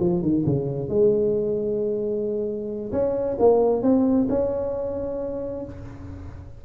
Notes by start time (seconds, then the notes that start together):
0.00 F3
0.22 D#3
0.46 C#3
0.89 G#3
2.92 C#4
3.39 A#3
3.82 C4
4.29 C#4